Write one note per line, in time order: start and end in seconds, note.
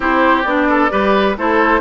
0.00 0.44 C4
0.00 0.44 E4
0.00 0.68 G4
0.00 0.42 C5
0.42 0.90 B3
0.42 0.90 D4
0.42 1.33 D5
0.68 0.91 A4
0.90 1.37 G3
0.90 1.35 G4
0.90 1.36 B4
1.37 1.80 A3
1.37 1.80 E4
1.37 1.80 A4
1.37 1.80 C5